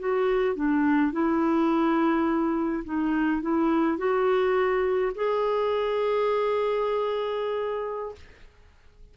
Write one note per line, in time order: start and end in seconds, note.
0.00 0.56 F#4
0.56 1.12 D4
1.12 2.84 E4
2.85 3.42 D#4
3.42 3.98 E4
3.98 5.12 F#4
5.15 8.15 G#4